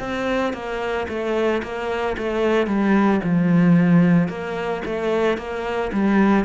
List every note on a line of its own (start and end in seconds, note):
0.00 0.54 C4
0.54 1.07 A#3
1.09 1.63 A3
1.63 2.17 A#3
2.18 2.67 A3
2.67 3.21 G3
3.24 4.29 F3
4.29 4.83 A#3
4.86 5.38 A3
5.38 5.92 A#3
5.94 6.45 G3